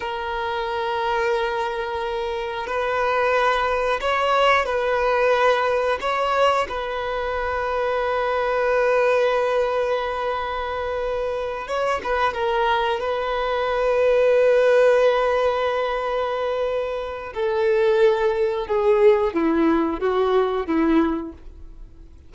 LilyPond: \new Staff \with { instrumentName = "violin" } { \time 4/4 \tempo 4 = 90 ais'1 | b'2 cis''4 b'4~ | b'4 cis''4 b'2~ | b'1~ |
b'4. cis''8 b'8 ais'4 b'8~ | b'1~ | b'2 a'2 | gis'4 e'4 fis'4 e'4 | }